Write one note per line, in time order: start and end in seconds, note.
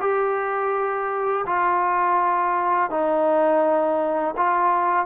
0.00 1.45 G4
1.46 2.90 F4
2.90 4.34 D#4
4.36 5.06 F4